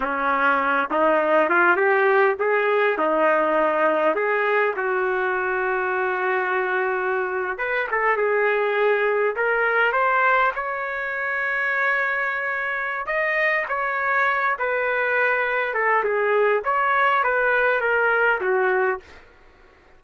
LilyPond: \new Staff \with { instrumentName = "trumpet" } { \time 4/4 \tempo 4 = 101 cis'4. dis'4 f'8 g'4 | gis'4 dis'2 gis'4 | fis'1~ | fis'8. b'8 a'8 gis'2 ais'16~ |
ais'8. c''4 cis''2~ cis''16~ | cis''2 dis''4 cis''4~ | cis''8 b'2 a'8 gis'4 | cis''4 b'4 ais'4 fis'4 | }